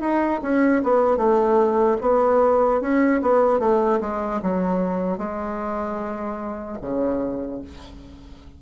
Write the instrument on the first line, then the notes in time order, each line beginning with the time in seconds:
bassoon
0.00 D#4
0.42 C#4
0.83 B3
1.17 A3
2.01 B3
2.81 C#4
3.21 B3
3.59 A3
4.00 G#3
4.42 F#3
5.17 G#3
6.81 C#3